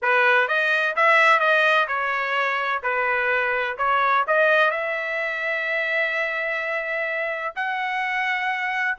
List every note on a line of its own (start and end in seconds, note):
0.02 0.47 B4
0.47 0.95 D#5
0.96 1.39 E5
1.39 1.87 D#5
1.87 2.82 C#5
2.82 3.77 B4
3.77 4.25 C#5
4.27 4.71 D#5
4.71 7.54 E5
7.55 8.97 F#5